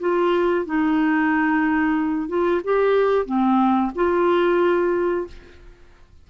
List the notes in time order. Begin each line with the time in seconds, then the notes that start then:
0.00 F4
0.66 D#4
2.28 F4
2.64 G4
3.26 C4
3.95 F4